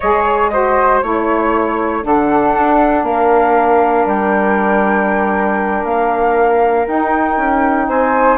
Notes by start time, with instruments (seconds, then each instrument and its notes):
0.00 bassoon G#3, saxophone G#4, flute C#5 D#5
0.25 flute C#5
0.48 saxophone F#4, flute C5 D#5
1.00 bassoon A3, saxophone E4, flute C#5
2.01 bassoon D3, saxophone D4, flute A4 F#5
2.54 bassoon D4
3.03 bassoon A#3, flute A#4 F5
4.05 bassoon G3, flute G5
5.84 bassoon A#3, flute F5
6.86 bassoon D#4, saxophone D#4, flute G5
7.37 bassoon C#4
7.88 bassoon C4, flute C5 G#5